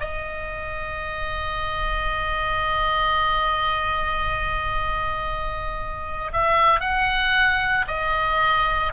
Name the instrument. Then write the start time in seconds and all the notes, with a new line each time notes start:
oboe
0.00 D#5
6.33 E5
6.79 F#5
7.87 D#5